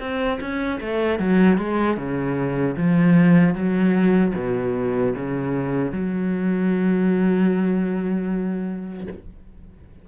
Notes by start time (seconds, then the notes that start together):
0.00 C4
0.41 C#4
0.81 A3
1.19 F#3
1.58 G#3
1.97 C#3
2.77 F3
3.55 F#3
4.35 B2
5.16 C#3
5.92 F#3